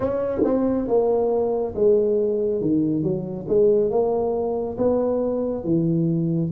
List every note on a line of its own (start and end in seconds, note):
0.00 0.41 C#4
0.43 0.87 C4
0.87 1.74 A#3
1.75 2.61 G#3
2.61 3.03 D#3
3.03 3.46 F#3
3.48 3.90 G#3
3.90 4.77 A#3
4.77 5.64 B3
5.64 6.51 E3